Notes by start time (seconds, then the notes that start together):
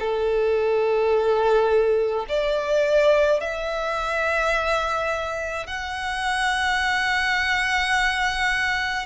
0.00 A4
2.29 D5
3.41 E5
5.67 F#5